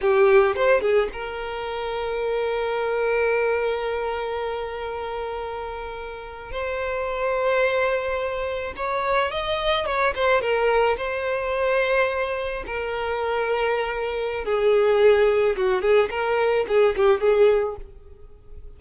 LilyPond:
\new Staff \with { instrumentName = "violin" } { \time 4/4 \tempo 4 = 108 g'4 c''8 gis'8 ais'2~ | ais'1~ | ais'2.~ ais'8. c''16~ | c''2.~ c''8. cis''16~ |
cis''8. dis''4 cis''8 c''8 ais'4 c''16~ | c''2~ c''8. ais'4~ ais'16~ | ais'2 gis'2 | fis'8 gis'8 ais'4 gis'8 g'8 gis'4 | }